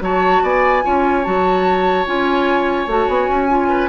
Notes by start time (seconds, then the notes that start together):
0.00 F#3 F#4 C#5 A5
0.42 B3 D5 G#5
0.82 C#4 F4 C#5
1.23 F#3 F#4 A5
2.05 C#4 F4 G#5
2.86 A3 F#4 A5
3.08 B3 G#5
3.27 C#4
3.48 F4
3.68 B4